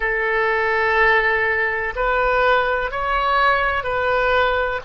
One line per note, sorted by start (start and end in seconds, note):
0.00 1.94 A4
1.95 2.91 B4
2.91 3.83 C#5
3.83 4.80 B4